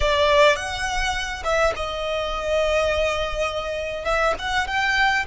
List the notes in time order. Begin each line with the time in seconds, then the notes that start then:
0.00 D5
0.56 F#5
1.44 E5
1.76 D#5
4.05 E5
4.38 F#5
4.67 G5